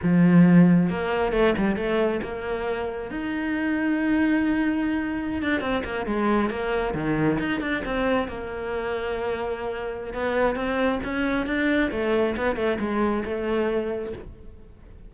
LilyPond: \new Staff \with { instrumentName = "cello" } { \time 4/4 \tempo 4 = 136 f2 ais4 a8 g8 | a4 ais2 dis'4~ | dis'1~ | dis'16 d'8 c'8 ais8 gis4 ais4 dis16~ |
dis8. dis'8 d'8 c'4 ais4~ ais16~ | ais2. b4 | c'4 cis'4 d'4 a4 | b8 a8 gis4 a2 | }